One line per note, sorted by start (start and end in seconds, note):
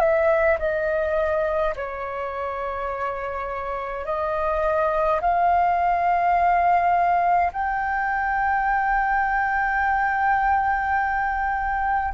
0.00 0.58 E5
0.60 1.75 D#5
1.76 4.06 C#5
4.06 5.21 D#5
5.22 7.53 F5
7.53 12.14 G5